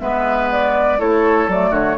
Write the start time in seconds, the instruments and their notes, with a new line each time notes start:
0.00 bassoon G#3, clarinet B3, oboe B4, flute E5
0.52 flute D5
0.99 bassoon A3, clarinet E4, oboe A4, flute C#5
1.48 bassoon F#3, clarinet A3, flute D5
1.71 bassoon D3, oboe F#4, flute C#5